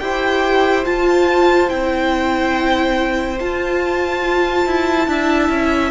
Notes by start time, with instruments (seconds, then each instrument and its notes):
0.00 cello E4, viola G4, violin C5 G5
0.85 viola F4, cello F4, violin A5
1.68 cello C4, viola E4, violin G5
3.40 cello F4, viola F4, violin A5
4.67 cello E4
5.08 cello D4, viola E4, violin E5
5.49 cello C#4